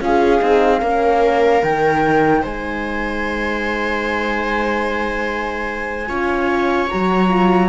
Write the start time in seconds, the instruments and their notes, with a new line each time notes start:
0.00 cello C#4, horn F4, viola G#4, flute F5
0.40 cello C4, horn D#4
0.80 cello A#3, horn C#4, viola A#4
1.63 cello D#3, horn D#4, flute G5
2.42 cello G#3, viola C5, flute G#5
6.07 cello C#4, horn F4, viola C#5
6.90 cello F#3, horn F#4, flute A#5
7.29 horn F4